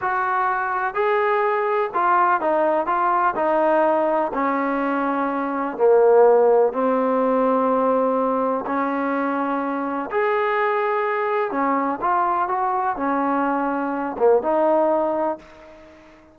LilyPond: \new Staff \with { instrumentName = "trombone" } { \time 4/4 \tempo 4 = 125 fis'2 gis'2 | f'4 dis'4 f'4 dis'4~ | dis'4 cis'2. | ais2 c'2~ |
c'2 cis'2~ | cis'4 gis'2. | cis'4 f'4 fis'4 cis'4~ | cis'4. ais8 dis'2 | }